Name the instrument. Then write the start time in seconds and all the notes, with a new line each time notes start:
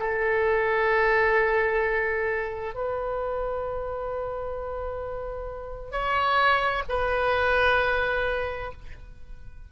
oboe
0.00 A4
2.75 B4
5.92 C#5
6.89 B4